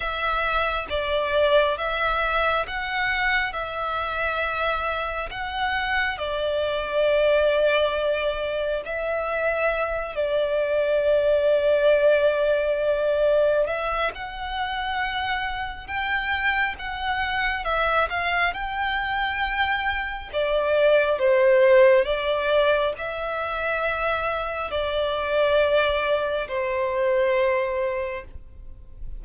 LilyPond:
\new Staff \with { instrumentName = "violin" } { \time 4/4 \tempo 4 = 68 e''4 d''4 e''4 fis''4 | e''2 fis''4 d''4~ | d''2 e''4. d''8~ | d''2.~ d''8 e''8 |
fis''2 g''4 fis''4 | e''8 f''8 g''2 d''4 | c''4 d''4 e''2 | d''2 c''2 | }